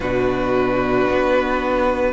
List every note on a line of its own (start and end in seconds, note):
0.00 1.05 B2
0.00 2.13 D4
0.00 2.13 F#4
0.00 2.13 B4
1.10 2.13 B3